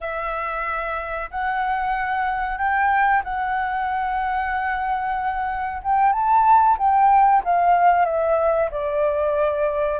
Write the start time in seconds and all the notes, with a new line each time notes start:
0.00 E5
1.30 F#5
2.57 G5
3.24 F#5
5.82 G5
6.12 A5
6.78 G5
7.44 F5
8.05 E5
8.70 D5